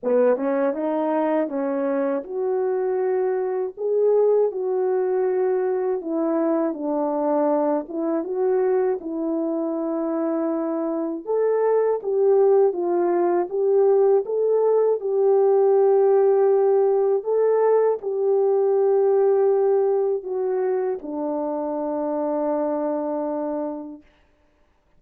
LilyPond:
\new Staff \with { instrumentName = "horn" } { \time 4/4 \tempo 4 = 80 b8 cis'8 dis'4 cis'4 fis'4~ | fis'4 gis'4 fis'2 | e'4 d'4. e'8 fis'4 | e'2. a'4 |
g'4 f'4 g'4 a'4 | g'2. a'4 | g'2. fis'4 | d'1 | }